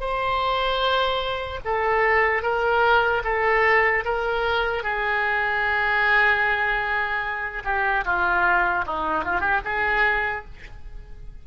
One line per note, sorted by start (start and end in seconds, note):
0.00 1.60 C5
1.65 2.43 A4
2.43 3.23 A#4
3.24 4.04 A4
4.05 4.83 A#4
4.83 7.63 G#4
7.64 8.04 G4
8.05 8.85 F4
8.86 9.24 D#4
9.24 9.40 F4
9.40 9.60 G4
9.65 10.45 G#4